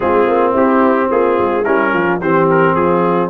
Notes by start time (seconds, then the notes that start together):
0.00 G#3 C4 F4 G#4
0.27 A#3
0.51 C4 E4 G4
1.10 A#3 F4 G#4
1.39 G#3
1.63 G3 C#4 E4 A#4
1.93 F3 F4
2.20 E3 C4 G4 C5
2.50 A#4
2.75 F3 F4 G#4